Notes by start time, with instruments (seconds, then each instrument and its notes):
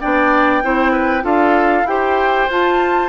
0.00 bassoon B3, clarinet D4, oboe D5, flute G5
0.62 bassoon C4, clarinet E4, oboe C5
0.91 oboe B4
1.21 bassoon D4, clarinet F4, oboe A4, flute F5
1.83 bassoon E4, clarinet G4, oboe C5, flute G5
2.49 bassoon F4, clarinet F4, flute A5